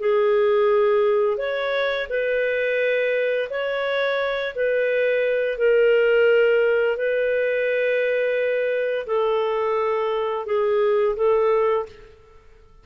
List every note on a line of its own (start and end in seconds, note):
0.00 1.38 G#4
1.38 2.07 C#5
2.10 3.49 B4
3.50 4.54 C#5
4.55 5.58 B4
5.58 6.97 A#4
6.97 9.06 B4
9.07 10.46 A4
10.46 11.16 G#4
11.16 11.86 A4